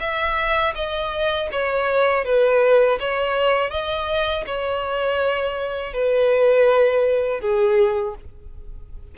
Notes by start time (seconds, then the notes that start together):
0.00 E5
0.75 D#5
1.52 C#5
2.25 B4
3.00 C#5
3.70 D#5
4.46 C#5
5.94 B4
7.41 G#4